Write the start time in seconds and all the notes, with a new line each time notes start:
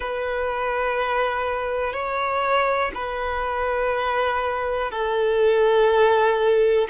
0.00 B4
1.93 C#5
2.94 B4
4.91 A4